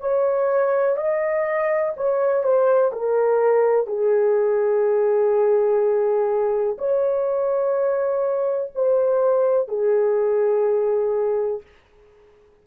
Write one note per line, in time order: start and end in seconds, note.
0.00 0.96 C#5
0.96 1.93 D#5
1.96 2.43 C#5
2.43 2.91 C5
2.92 3.86 A#4
3.86 6.77 G#4
6.78 8.71 C#5
8.75 9.68 C5
9.68 11.61 G#4